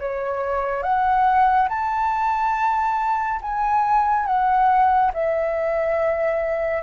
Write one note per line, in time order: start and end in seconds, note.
0.00 0.83 C#5
0.83 1.69 F#5
1.69 3.41 A5
3.42 4.27 G#5
4.27 5.12 F#5
5.14 6.83 E5